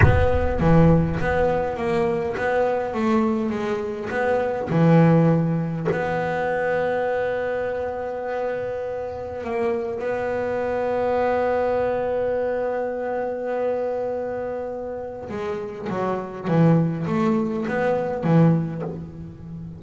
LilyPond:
\new Staff \with { instrumentName = "double bass" } { \time 4/4 \tempo 4 = 102 b4 e4 b4 ais4 | b4 a4 gis4 b4 | e2 b2~ | b1 |
ais4 b2.~ | b1~ | b2 gis4 fis4 | e4 a4 b4 e4 | }